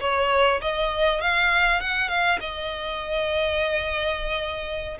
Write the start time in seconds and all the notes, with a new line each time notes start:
0.00 C#5
0.61 D#5
1.21 F5
1.80 F#5
2.09 F5
2.40 D#5